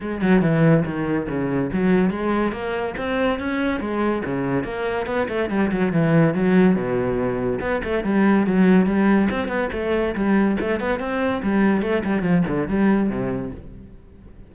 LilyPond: \new Staff \with { instrumentName = "cello" } { \time 4/4 \tempo 4 = 142 gis8 fis8 e4 dis4 cis4 | fis4 gis4 ais4 c'4 | cis'4 gis4 cis4 ais4 | b8 a8 g8 fis8 e4 fis4 |
b,2 b8 a8 g4 | fis4 g4 c'8 b8 a4 | g4 a8 b8 c'4 g4 | a8 g8 f8 d8 g4 c4 | }